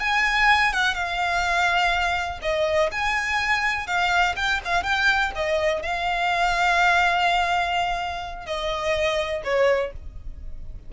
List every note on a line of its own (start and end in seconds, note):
0.00 0.73 G#5
0.73 0.94 F#5
0.94 2.40 F5
2.42 2.91 D#5
2.92 3.87 G#5
3.87 4.35 F5
4.36 4.60 G5
4.65 4.83 F5
4.83 5.32 G5
5.35 5.83 D#5
5.83 8.46 F5
8.46 9.43 D#5
9.44 9.92 C#5